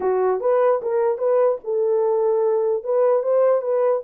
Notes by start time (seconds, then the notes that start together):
0.00 F#4
0.40 B4
0.81 A#4
1.18 B4
1.64 A4
2.83 B4
3.22 C5
3.61 B4